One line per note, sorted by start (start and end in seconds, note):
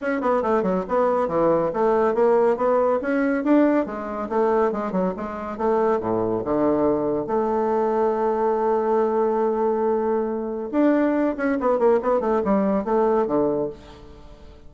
0.01 0.21 C#4
0.21 0.42 B3
0.42 0.62 A3
0.62 0.84 F#3
0.88 1.28 B3
1.28 1.71 E3
1.73 2.14 A3
2.14 2.56 A#3
2.56 2.99 B3
3.01 3.44 C#4
3.44 3.86 D4
3.86 4.29 G#3
4.29 4.71 A3
4.71 4.92 G#3
4.92 5.13 F#3
5.16 5.57 G#3
5.57 6.00 A3
6.00 6.42 A2
6.44 7.26 D3
7.26 10.69 A3
10.71 11.36 D4
11.36 11.58 C#4
11.60 11.78 B3
11.78 12.00 A#3
12.02 12.20 B3
12.20 12.41 A3
12.44 12.84 G3
12.84 13.26 A3
13.26 13.69 D3